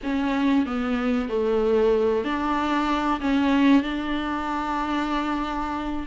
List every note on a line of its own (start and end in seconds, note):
0.03 0.66 C#4
0.66 1.29 B3
1.29 2.24 A3
2.24 3.20 D4
3.20 3.82 C#4
3.82 6.06 D4